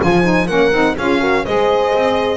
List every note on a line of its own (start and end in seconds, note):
0.00 0.50 F3
0.00 0.23 F4
0.00 0.47 C5
0.00 0.48 G#5
0.23 0.47 D#4
0.47 0.72 A#3
0.47 0.72 C#4
0.47 0.95 A#4
0.47 0.96 F#5
0.72 0.96 C4
0.72 0.97 D#4
0.96 1.46 C#4
0.96 1.20 F4
0.96 1.20 G#4
0.96 1.45 F5
1.20 1.44 F#4
1.20 1.44 A#4
1.45 1.94 G#3
1.45 2.37 G#4
1.45 2.37 C5
1.45 2.37 D#5
1.94 2.37 C4